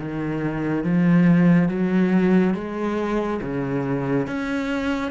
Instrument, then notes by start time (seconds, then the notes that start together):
cello
0.00 D#3
0.84 F3
1.69 F#3
2.54 G#3
3.42 C#3
4.27 C#4